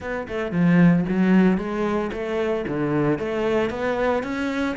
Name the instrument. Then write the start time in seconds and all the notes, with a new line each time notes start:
cello
0.00 B3
0.28 A3
0.51 F3
1.09 F#3
1.57 G#3
2.12 A3
2.67 D3
3.19 A3
3.70 B3
4.23 C#4